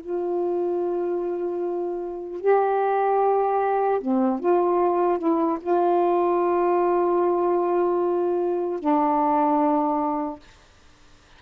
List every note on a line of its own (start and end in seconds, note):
0.00 2.40 F4
2.40 4.00 G4
4.00 4.39 C4
4.39 5.18 F4
5.18 5.58 E4
5.60 8.79 F4
8.79 10.39 D4